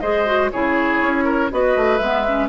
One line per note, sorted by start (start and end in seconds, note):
0.00 0.52 G#3
0.00 0.26 G#4
0.00 0.51 C5
0.00 0.50 D#5
0.26 0.51 F#4
0.52 1.02 C#3
0.52 1.50 E4
0.52 1.24 G#4
0.52 1.51 C#5
1.02 1.51 C#4
1.24 1.49 A#4
1.50 1.76 B3
1.50 2.00 F#4
1.50 2.49 B4
1.50 1.98 D#5
1.76 2.00 A3
1.98 2.49 G#3
1.98 2.25 B3
1.98 2.47 E5
2.28 2.49 C#4